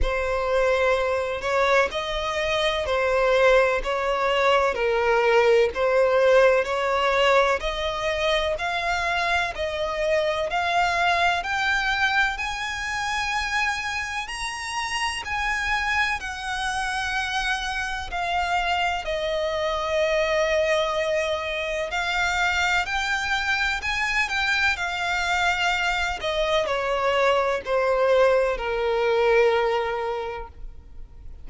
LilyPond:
\new Staff \with { instrumentName = "violin" } { \time 4/4 \tempo 4 = 63 c''4. cis''8 dis''4 c''4 | cis''4 ais'4 c''4 cis''4 | dis''4 f''4 dis''4 f''4 | g''4 gis''2 ais''4 |
gis''4 fis''2 f''4 | dis''2. f''4 | g''4 gis''8 g''8 f''4. dis''8 | cis''4 c''4 ais'2 | }